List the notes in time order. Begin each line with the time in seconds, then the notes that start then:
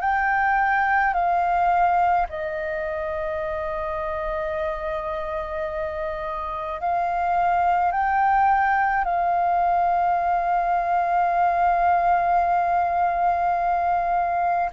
0.00 G5
1.13 F5
2.29 D#5
6.80 F5
7.91 G5
9.04 F5